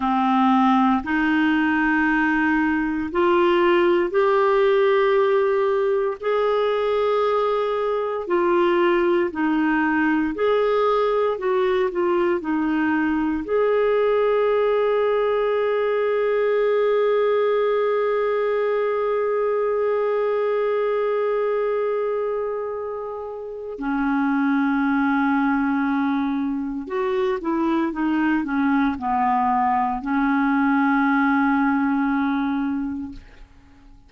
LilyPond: \new Staff \with { instrumentName = "clarinet" } { \time 4/4 \tempo 4 = 58 c'4 dis'2 f'4 | g'2 gis'2 | f'4 dis'4 gis'4 fis'8 f'8 | dis'4 gis'2.~ |
gis'1~ | gis'2. cis'4~ | cis'2 fis'8 e'8 dis'8 cis'8 | b4 cis'2. | }